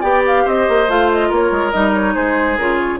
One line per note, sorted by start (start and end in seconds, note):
0.00 0.45 B3
0.00 0.88 G4
0.00 0.43 D5
0.00 0.22 G5
0.26 0.47 F5
0.44 0.67 C4
0.44 1.28 C5
0.44 0.90 D#5
0.68 0.88 A#3
0.88 1.30 A3
0.88 1.72 F4
0.88 1.11 F5
1.11 1.33 D#5
1.28 1.51 A#3
1.28 2.13 A#4
1.28 1.70 C#5
1.51 1.72 G#3
1.70 2.15 G3
1.70 2.57 D#4
1.70 1.92 D#5
1.93 2.14 C#5
2.14 2.58 G#3
2.14 2.99 G#4
2.14 2.57 C5
2.57 2.99 C#3
2.57 2.99 F4
2.57 2.77 A#4
2.77 2.99 C#5